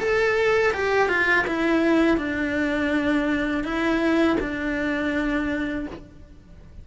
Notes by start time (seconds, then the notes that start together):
0.00 A4
0.74 G4
1.09 F4
1.47 E4
2.18 D4
3.64 E4
4.41 D4